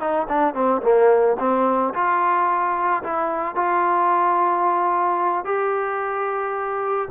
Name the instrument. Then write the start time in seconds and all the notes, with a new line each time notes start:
trombone
0.00 D#4
0.29 D4
0.54 C4
0.83 A#3
1.39 C4
1.94 F4
3.03 E4
3.55 F4
5.45 G4